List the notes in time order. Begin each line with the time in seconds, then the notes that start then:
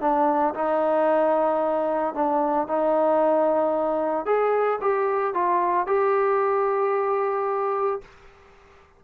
0.00 D4
0.54 D#4
2.14 D4
2.67 D#4
4.25 G#4
4.81 G4
5.34 F4
5.87 G4